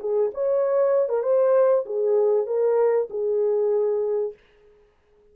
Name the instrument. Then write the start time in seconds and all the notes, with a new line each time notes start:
horn
0.00 G#4
0.34 C#5
1.09 A#4
1.23 C5
1.86 G#4
2.47 A#4
3.10 G#4